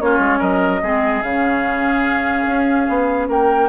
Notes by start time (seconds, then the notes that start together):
0.00 A#3 C#4 F4 C#5
0.18 G#3
0.39 F#3 A#4 D#5
0.82 G#3 C4 G#4
1.22 C#3 C#4 F5
2.46 C#4
2.89 B3
3.28 A#3 A#4 G5